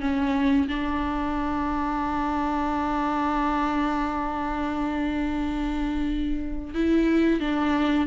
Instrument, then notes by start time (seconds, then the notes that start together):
viola
0.00 C#4
0.68 D4
6.74 E4
7.40 D4